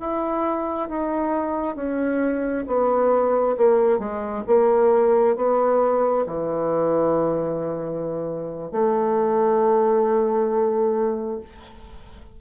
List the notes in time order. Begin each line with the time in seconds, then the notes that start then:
0.00 E4
0.90 D#4
1.76 C#4
2.67 B3
3.57 A#3
3.99 G#3
4.47 A#3
5.36 B3
6.27 E3
8.72 A3